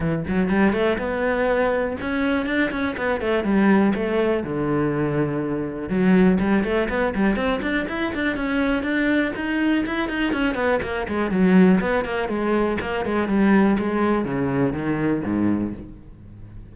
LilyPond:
\new Staff \with { instrumentName = "cello" } { \time 4/4 \tempo 4 = 122 e8 fis8 g8 a8 b2 | cis'4 d'8 cis'8 b8 a8 g4 | a4 d2. | fis4 g8 a8 b8 g8 c'8 d'8 |
e'8 d'8 cis'4 d'4 dis'4 | e'8 dis'8 cis'8 b8 ais8 gis8 fis4 | b8 ais8 gis4 ais8 gis8 g4 | gis4 cis4 dis4 gis,4 | }